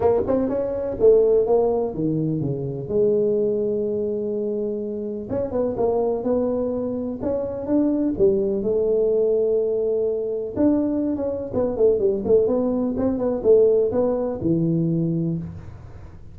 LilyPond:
\new Staff \with { instrumentName = "tuba" } { \time 4/4 \tempo 4 = 125 ais8 c'8 cis'4 a4 ais4 | dis4 cis4 gis2~ | gis2. cis'8 b8 | ais4 b2 cis'4 |
d'4 g4 a2~ | a2 d'4~ d'16 cis'8. | b8 a8 g8 a8 b4 c'8 b8 | a4 b4 e2 | }